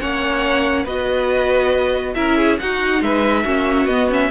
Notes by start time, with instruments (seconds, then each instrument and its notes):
0.00 cello A#3, viola C#4, violin C#5 F#5
0.84 cello B3, viola F#4, violin B4 D#5
2.15 cello C#4, viola E4, violin A#4 E5
2.38 violin G#4
2.60 cello D#4, viola D#4, violin F#4 F#5
3.01 cello G#3, violin B4 E5
3.44 cello A#3, viola C#4, violin F#4
3.86 cello B3, viola B3, violin D#5
4.10 viola C#4, violin E5